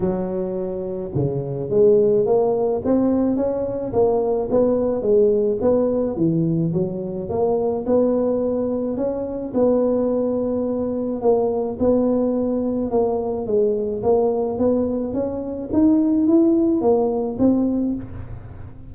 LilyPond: \new Staff \with { instrumentName = "tuba" } { \time 4/4 \tempo 4 = 107 fis2 cis4 gis4 | ais4 c'4 cis'4 ais4 | b4 gis4 b4 e4 | fis4 ais4 b2 |
cis'4 b2. | ais4 b2 ais4 | gis4 ais4 b4 cis'4 | dis'4 e'4 ais4 c'4 | }